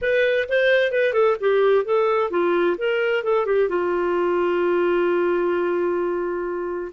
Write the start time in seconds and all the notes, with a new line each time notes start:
0.01 B4
0.48 C5
0.91 B4
1.13 A4
1.40 G4
1.84 A4
2.30 F4
2.77 A#4
3.23 A4
3.46 G4
3.68 F4